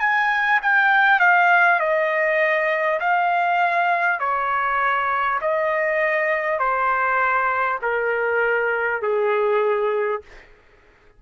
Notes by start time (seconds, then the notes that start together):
0.00 G#5
0.62 G5
1.19 F5
1.79 D#5
2.99 F5
4.19 C#5
5.41 D#5
6.59 C5
7.82 A#4
9.02 G#4